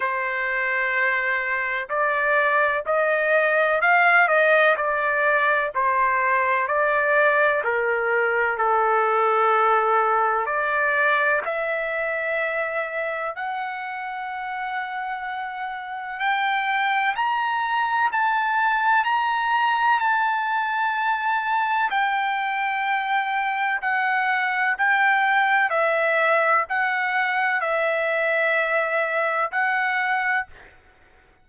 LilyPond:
\new Staff \with { instrumentName = "trumpet" } { \time 4/4 \tempo 4 = 63 c''2 d''4 dis''4 | f''8 dis''8 d''4 c''4 d''4 | ais'4 a'2 d''4 | e''2 fis''2~ |
fis''4 g''4 ais''4 a''4 | ais''4 a''2 g''4~ | g''4 fis''4 g''4 e''4 | fis''4 e''2 fis''4 | }